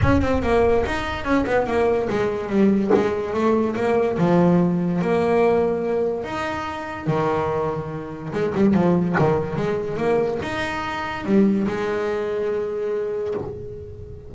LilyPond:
\new Staff \with { instrumentName = "double bass" } { \time 4/4 \tempo 4 = 144 cis'8 c'8 ais4 dis'4 cis'8 b8 | ais4 gis4 g4 gis4 | a4 ais4 f2 | ais2. dis'4~ |
dis'4 dis2. | gis8 g8 f4 dis4 gis4 | ais4 dis'2 g4 | gis1 | }